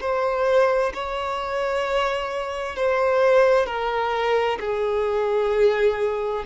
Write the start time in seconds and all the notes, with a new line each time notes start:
0.00 C5
0.94 C#5
2.75 C5
3.66 A#4
4.59 G#4